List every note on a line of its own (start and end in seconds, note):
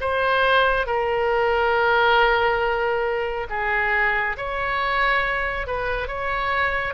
0.00 0.86 C5
0.86 3.47 A#4
3.49 4.36 G#4
4.37 5.67 C#5
5.67 6.08 B4
6.08 6.94 C#5